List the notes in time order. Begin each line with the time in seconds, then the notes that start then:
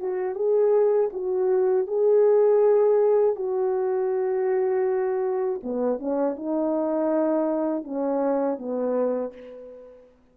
0.00 F#4
0.34 G#4
1.12 F#4
1.87 G#4
3.35 F#4
5.63 B3
5.99 C#4
6.36 D#4
7.84 C#4
8.58 B3